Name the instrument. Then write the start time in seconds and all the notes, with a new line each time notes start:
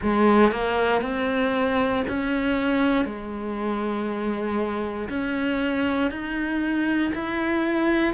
cello
0.02 G#3
0.51 A#3
1.01 C4
2.08 C#4
3.05 G#3
5.09 C#4
6.10 D#4
7.14 E4